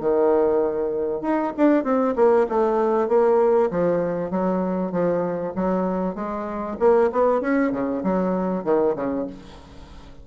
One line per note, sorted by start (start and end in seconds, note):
0.00 1.21 D#3
1.21 1.52 D#4
1.56 1.83 D4
1.83 2.14 C4
2.15 2.46 A#3
2.49 3.08 A3
3.08 3.70 A#3
3.70 4.30 F3
4.30 4.91 F#3
4.91 5.53 F3
5.55 6.15 F#3
6.15 6.77 G#3
6.79 7.10 A#3
7.12 7.41 B3
7.41 7.71 C#4
7.71 8.02 C#3
8.03 8.64 F#3
8.64 8.95 D#3
8.96 9.26 C#3